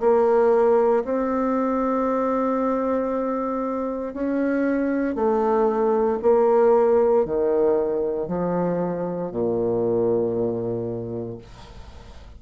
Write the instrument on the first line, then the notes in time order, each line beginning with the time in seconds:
bassoon
0.00 A#3
1.04 C4
4.13 C#4
5.15 A3
6.22 A#3
7.25 D#3
8.28 F3
9.31 A#2